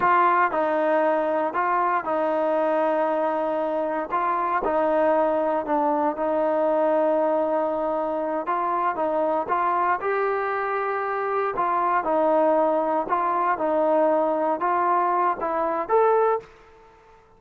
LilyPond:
\new Staff \with { instrumentName = "trombone" } { \time 4/4 \tempo 4 = 117 f'4 dis'2 f'4 | dis'1 | f'4 dis'2 d'4 | dis'1~ |
dis'8 f'4 dis'4 f'4 g'8~ | g'2~ g'8 f'4 dis'8~ | dis'4. f'4 dis'4.~ | dis'8 f'4. e'4 a'4 | }